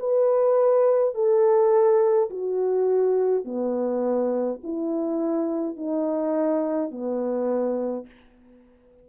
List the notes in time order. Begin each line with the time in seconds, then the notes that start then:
0.00 B4
1.15 A4
2.31 F#4
3.45 B3
4.64 E4
5.77 D#4
6.91 B3